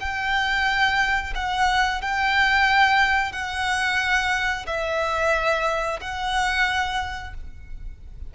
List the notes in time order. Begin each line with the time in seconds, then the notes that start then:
0.00 G5
1.35 F#5
2.01 G5
3.32 F#5
4.66 E5
6.00 F#5